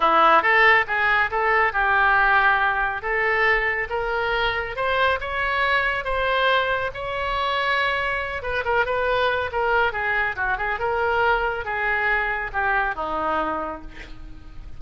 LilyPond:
\new Staff \with { instrumentName = "oboe" } { \time 4/4 \tempo 4 = 139 e'4 a'4 gis'4 a'4 | g'2. a'4~ | a'4 ais'2 c''4 | cis''2 c''2 |
cis''2.~ cis''8 b'8 | ais'8 b'4. ais'4 gis'4 | fis'8 gis'8 ais'2 gis'4~ | gis'4 g'4 dis'2 | }